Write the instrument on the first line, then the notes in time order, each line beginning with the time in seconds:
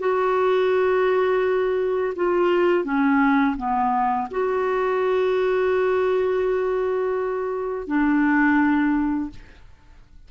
clarinet
0.00 F#4
2.16 F4
2.85 C#4
3.57 B3
4.31 F#4
7.88 D4